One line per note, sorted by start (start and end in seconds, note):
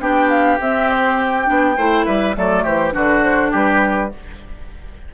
0.00 0.59 B3
0.00 0.60 D4
0.00 1.77 G4
0.00 0.30 G5
0.30 0.59 F5
0.60 1.48 C4
0.60 1.45 C4
0.60 0.90 E5
0.90 1.19 C5
1.19 2.05 G5
1.45 1.77 B3
1.45 1.75 D4
1.77 2.06 A3
1.77 2.34 E4
1.77 2.06 C5
2.05 2.36 G3
2.05 2.35 B4
2.05 2.35 E5
2.34 2.65 F#3
2.34 2.92 A3
2.34 2.64 A4
2.34 2.64 D5
2.64 2.94 E3
2.64 2.93 G4
2.64 2.93 C5
2.92 3.53 D3
2.92 4.09 D4
2.92 3.51 F#4
2.92 3.23 B4
3.23 3.52 C5
3.51 4.12 G3
3.51 4.10 G4
3.51 4.14 B4